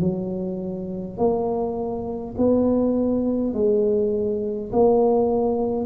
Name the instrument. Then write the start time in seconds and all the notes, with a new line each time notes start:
tuba
0.00 F#3
1.18 A#3
2.37 B3
3.54 G#3
4.72 A#3